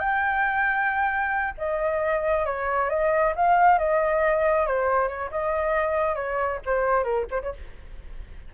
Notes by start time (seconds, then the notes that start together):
0.00 G5
1.58 D#5
2.46 C#5
2.90 D#5
3.36 F5
3.79 D#5
4.67 C5
5.08 C#5
5.31 D#5
6.15 C#5
6.66 C5
7.04 A#4
7.31 C5
7.42 C#5